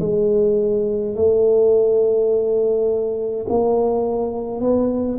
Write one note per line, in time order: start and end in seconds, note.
0.00 1.15 G#3
1.15 3.46 A3
3.49 4.60 A#3
4.60 5.18 B3